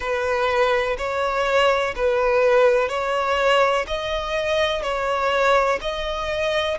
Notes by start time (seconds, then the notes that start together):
0.00 B4
0.97 C#5
1.95 B4
2.88 C#5
3.87 D#5
4.82 C#5
5.81 D#5